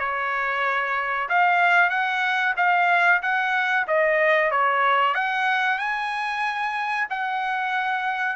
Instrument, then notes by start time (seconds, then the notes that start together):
trumpet
0.00 C#5
1.30 F5
1.90 F#5
2.57 F5
3.23 F#5
3.88 D#5
4.51 C#5
5.15 F#5
5.79 G#5
7.10 F#5